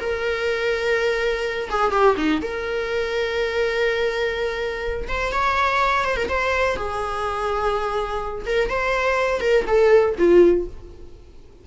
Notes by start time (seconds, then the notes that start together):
0.00 A#4
1.70 G#4
1.91 G4
2.17 D#4
2.42 A#4
5.08 C5
5.32 C#5
6.04 C5
6.16 A#4
6.29 C5
6.76 G#4
8.46 A#4
8.69 C5
9.41 A#4
9.67 A4
10.18 F4